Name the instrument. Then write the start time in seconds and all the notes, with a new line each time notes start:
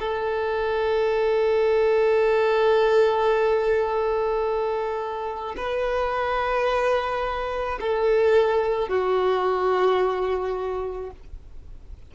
violin
0.00 A4
5.57 B4
7.81 A4
8.89 F#4